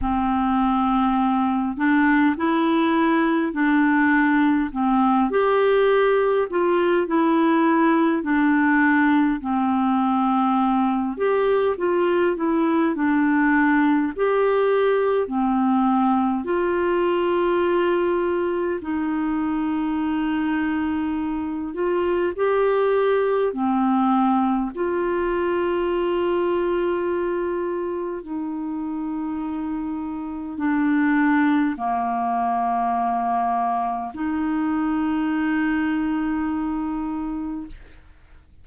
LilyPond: \new Staff \with { instrumentName = "clarinet" } { \time 4/4 \tempo 4 = 51 c'4. d'8 e'4 d'4 | c'8 g'4 f'8 e'4 d'4 | c'4. g'8 f'8 e'8 d'4 | g'4 c'4 f'2 |
dis'2~ dis'8 f'8 g'4 | c'4 f'2. | dis'2 d'4 ais4~ | ais4 dis'2. | }